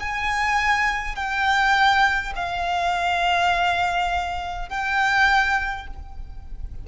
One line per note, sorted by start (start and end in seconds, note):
0.00 1.16 G#5
1.16 2.33 G5
2.35 4.69 F5
4.69 5.87 G5